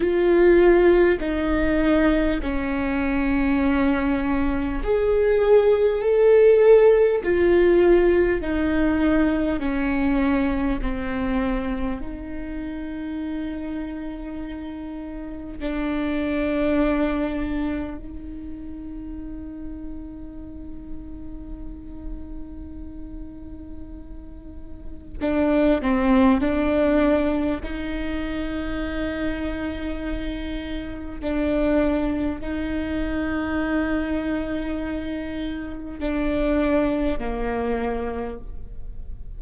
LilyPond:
\new Staff \with { instrumentName = "viola" } { \time 4/4 \tempo 4 = 50 f'4 dis'4 cis'2 | gis'4 a'4 f'4 dis'4 | cis'4 c'4 dis'2~ | dis'4 d'2 dis'4~ |
dis'1~ | dis'4 d'8 c'8 d'4 dis'4~ | dis'2 d'4 dis'4~ | dis'2 d'4 ais4 | }